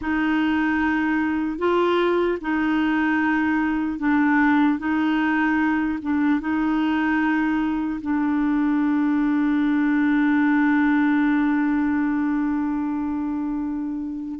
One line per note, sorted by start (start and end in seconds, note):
0.01 1.58 D#4
1.58 2.38 F4
2.41 3.99 D#4
3.99 4.78 D4
4.78 5.98 D#4
6.01 6.40 D4
6.40 8.00 D#4
8.01 14.39 D4